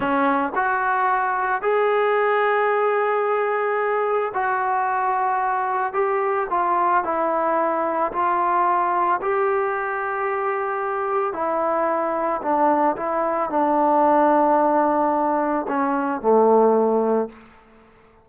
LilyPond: \new Staff \with { instrumentName = "trombone" } { \time 4/4 \tempo 4 = 111 cis'4 fis'2 gis'4~ | gis'1 | fis'2. g'4 | f'4 e'2 f'4~ |
f'4 g'2.~ | g'4 e'2 d'4 | e'4 d'2.~ | d'4 cis'4 a2 | }